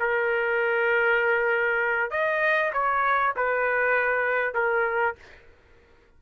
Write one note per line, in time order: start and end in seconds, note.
0.00 2.11 A#4
2.11 2.72 D#5
2.73 3.34 C#5
3.36 4.54 B4
4.54 5.16 A#4